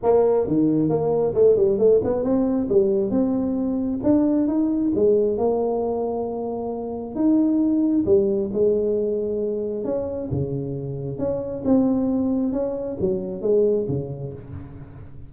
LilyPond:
\new Staff \with { instrumentName = "tuba" } { \time 4/4 \tempo 4 = 134 ais4 dis4 ais4 a8 g8 | a8 b8 c'4 g4 c'4~ | c'4 d'4 dis'4 gis4 | ais1 |
dis'2 g4 gis4~ | gis2 cis'4 cis4~ | cis4 cis'4 c'2 | cis'4 fis4 gis4 cis4 | }